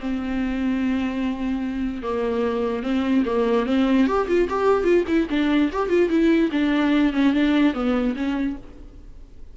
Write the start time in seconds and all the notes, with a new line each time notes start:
0.00 C4
2.03 A#3
2.83 C4
3.25 A#3
3.66 C4
4.07 G4
4.28 F4
4.49 G4
4.84 F4
5.08 E4
5.30 D4
5.72 G4
5.89 F4
6.09 E4
6.52 D4
7.13 C#4
7.34 D4
7.74 B3
8.16 C#4